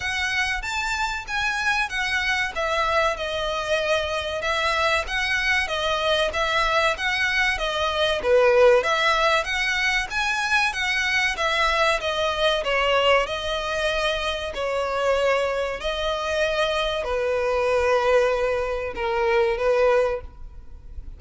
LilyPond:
\new Staff \with { instrumentName = "violin" } { \time 4/4 \tempo 4 = 95 fis''4 a''4 gis''4 fis''4 | e''4 dis''2 e''4 | fis''4 dis''4 e''4 fis''4 | dis''4 b'4 e''4 fis''4 |
gis''4 fis''4 e''4 dis''4 | cis''4 dis''2 cis''4~ | cis''4 dis''2 b'4~ | b'2 ais'4 b'4 | }